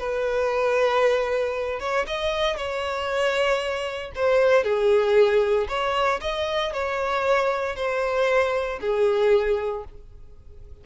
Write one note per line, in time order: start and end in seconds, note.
0.00 1.80 B4
1.80 2.06 C#5
2.07 2.57 D#5
2.57 4.12 C#5
4.16 4.64 C5
4.64 5.68 G#4
5.69 6.21 C#5
6.22 6.73 D#5
6.73 7.76 C#5
7.76 8.80 C5
8.81 9.84 G#4